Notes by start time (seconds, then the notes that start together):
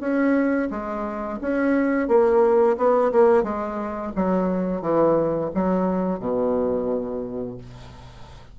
0.00 C#4
0.71 G#3
1.42 C#4
2.08 A#3
2.77 B3
3.13 A#3
3.44 G#3
4.16 F#3
4.82 E3
5.55 F#3
6.20 B2